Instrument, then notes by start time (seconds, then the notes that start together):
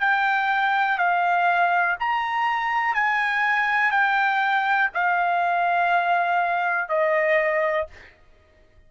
trumpet
0.00 G5
0.98 F5
1.99 A#5
2.94 G#5
3.91 G5
4.94 F5
6.89 D#5